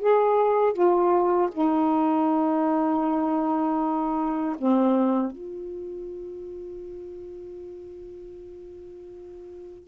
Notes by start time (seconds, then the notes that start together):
0.00 G#4
0.74 F4
1.52 D#4
4.58 C4
5.32 F4